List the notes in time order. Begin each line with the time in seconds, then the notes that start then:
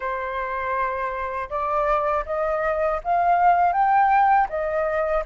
0.00 C5
1.49 D5
2.25 D#5
3.04 F5
3.72 G5
4.49 D#5